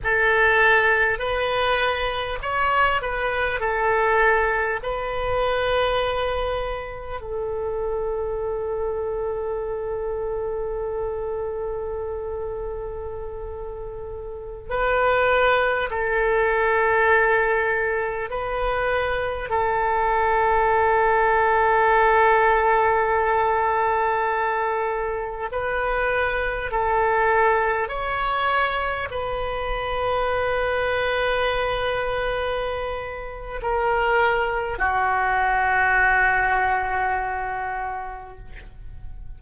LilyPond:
\new Staff \with { instrumentName = "oboe" } { \time 4/4 \tempo 4 = 50 a'4 b'4 cis''8 b'8 a'4 | b'2 a'2~ | a'1~ | a'16 b'4 a'2 b'8.~ |
b'16 a'2.~ a'8.~ | a'4~ a'16 b'4 a'4 cis''8.~ | cis''16 b'2.~ b'8. | ais'4 fis'2. | }